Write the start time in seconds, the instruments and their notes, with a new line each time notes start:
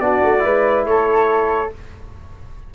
0.00 tuba B3, trombone D4, flute F#4, trumpet D5
0.23 tuba A3
0.39 tuba G#3, trombone E4, flute B4
0.85 tuba A3, flute A4, trumpet C#5